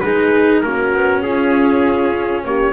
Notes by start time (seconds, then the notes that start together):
0.00 G#3 D#4 G#4 B4
0.62 A#3 C#4 F#4 A#4
0.94 B3
1.23 C#4 F4 G#4
2.45 A#3 G4 C#5